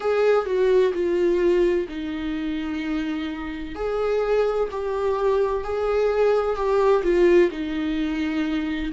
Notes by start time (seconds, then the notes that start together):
0.00 G#4
0.45 F#4
0.93 F4
1.88 D#4
3.75 G#4
4.71 G4
5.64 G#4
6.56 G4
7.03 F4
7.51 D#4